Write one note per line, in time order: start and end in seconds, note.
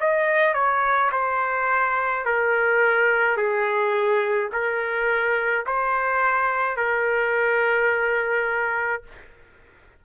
0.00 0.54 D#5
0.54 1.10 C#5
1.11 2.24 C5
2.24 3.37 A#4
3.37 4.50 G#4
4.52 5.65 A#4
5.66 6.76 C5
6.76 9.03 A#4